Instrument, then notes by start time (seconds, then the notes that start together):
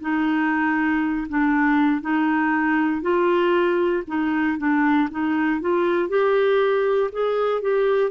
clarinet
0.00 D#4
1.29 D4
2.01 D#4
3.01 F4
4.07 D#4
4.58 D4
5.11 D#4
5.61 F4
6.08 G4
7.12 G#4
7.61 G4